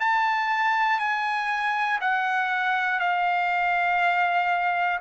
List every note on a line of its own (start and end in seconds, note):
0.00 0.99 A5
0.99 1.99 G#5
2.00 3.00 F#5
3.00 5.00 F5